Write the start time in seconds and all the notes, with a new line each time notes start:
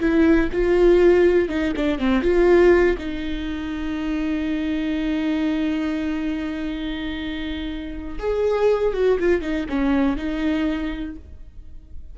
0.00 E4
0.53 F4
1.49 D#4
1.76 D4
1.99 C4
2.23 F4
2.98 D#4
8.19 G#4
8.94 F#4
9.20 F4
9.42 D#4
9.69 C#4
10.17 D#4